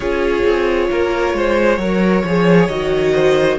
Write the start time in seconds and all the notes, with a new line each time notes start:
0.00 C#4 F4 G#4 C#5
0.44 C4
0.91 A#3 A#4
1.33 G#3 C5
1.77 F#3 A#4 C#5
2.24 F3 G#4
2.68 D#3 F#4 D#5
3.14 C5